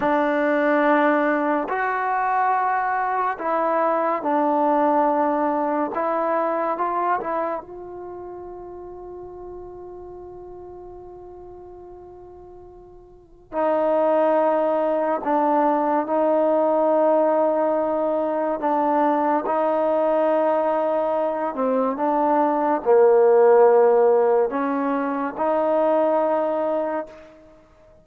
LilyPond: \new Staff \with { instrumentName = "trombone" } { \time 4/4 \tempo 4 = 71 d'2 fis'2 | e'4 d'2 e'4 | f'8 e'8 f'2.~ | f'1 |
dis'2 d'4 dis'4~ | dis'2 d'4 dis'4~ | dis'4. c'8 d'4 ais4~ | ais4 cis'4 dis'2 | }